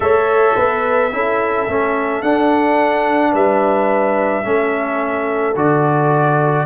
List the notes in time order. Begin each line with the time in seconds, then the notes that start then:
0.00 A3 A4 C#5 E5
0.55 B3 B4
1.12 C#4 E4 A4
1.68 A3 C#4
2.22 D4 F#5
3.31 G3 B4 E5
4.43 A3 C#4 A4
5.55 D3 F#4 D5